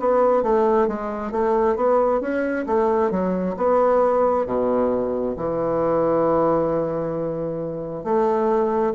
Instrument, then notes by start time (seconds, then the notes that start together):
bassoon
0.00 B3
0.43 A3
0.88 G#3
1.32 A3
1.76 B3
2.21 C#4
2.67 A3
3.11 F#3
3.57 B3
4.47 B2
5.37 E3
8.04 A3